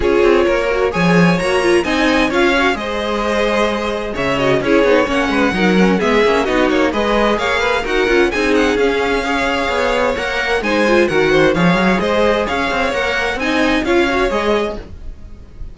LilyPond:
<<
  \new Staff \with { instrumentName = "violin" } { \time 4/4 \tempo 4 = 130 cis''2 gis''4 ais''4 | gis''4 f''4 dis''2~ | dis''4 e''8 dis''8 cis''4 fis''4~ | fis''4 e''4 dis''8 cis''8 dis''4 |
f''4 fis''4 gis''8 fis''8 f''4~ | f''2 fis''4 gis''4 | fis''4 f''4 dis''4 f''4 | fis''4 gis''4 f''4 dis''4 | }
  \new Staff \with { instrumentName = "violin" } { \time 4/4 gis'4 ais'4 cis''2 | dis''4 cis''4 c''2~ | c''4 cis''4 gis'4 cis''8 b'8 | ais'4 gis'4 fis'4 b'4 |
cis''8 b'8 ais'4 gis'2 | cis''2. c''4 | ais'8 c''8 cis''4 c''4 cis''4~ | cis''4 dis''4 cis''2 | }
  \new Staff \with { instrumentName = "viola" } { \time 4/4 f'4. fis'8 gis'4 fis'8 f'8 | dis'4 f'8 fis'8 gis'2~ | gis'4. fis'8 e'8 dis'8 cis'4 | dis'8 cis'8 b8 cis'8 dis'4 gis'4~ |
gis'4 fis'8 f'8 dis'4 cis'4 | gis'2 ais'4 dis'8 f'8 | fis'4 gis'2. | ais'4 dis'4 f'8 fis'8 gis'4 | }
  \new Staff \with { instrumentName = "cello" } { \time 4/4 cis'8 c'8 ais4 f4 ais4 | c'4 cis'4 gis2~ | gis4 cis4 cis'8 b8 ais8 gis8 | fis4 gis8 ais8 b8 ais8 gis4 |
ais4 dis'8 cis'8 c'4 cis'4~ | cis'4 b4 ais4 gis4 | dis4 f8 fis8 gis4 cis'8 c'8 | ais4 c'4 cis'4 gis4 | }
>>